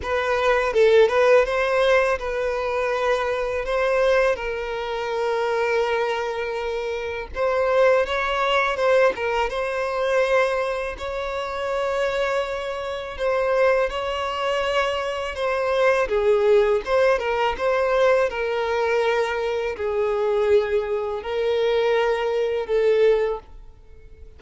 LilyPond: \new Staff \with { instrumentName = "violin" } { \time 4/4 \tempo 4 = 82 b'4 a'8 b'8 c''4 b'4~ | b'4 c''4 ais'2~ | ais'2 c''4 cis''4 | c''8 ais'8 c''2 cis''4~ |
cis''2 c''4 cis''4~ | cis''4 c''4 gis'4 c''8 ais'8 | c''4 ais'2 gis'4~ | gis'4 ais'2 a'4 | }